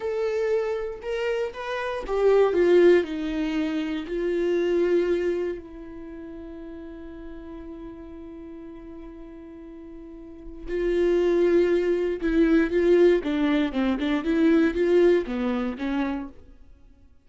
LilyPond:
\new Staff \with { instrumentName = "viola" } { \time 4/4 \tempo 4 = 118 a'2 ais'4 b'4 | g'4 f'4 dis'2 | f'2. e'4~ | e'1~ |
e'1~ | e'4 f'2. | e'4 f'4 d'4 c'8 d'8 | e'4 f'4 b4 cis'4 | }